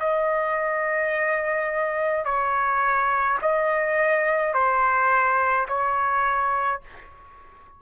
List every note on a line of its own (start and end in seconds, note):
0.00 2.25 D#5
2.25 3.38 C#5
3.42 4.54 D#5
4.54 5.67 C5
5.68 6.81 C#5